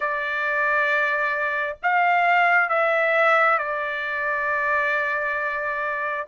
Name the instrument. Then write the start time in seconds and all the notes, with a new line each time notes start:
trumpet
0.00 D5
1.82 F5
2.69 E5
3.58 D5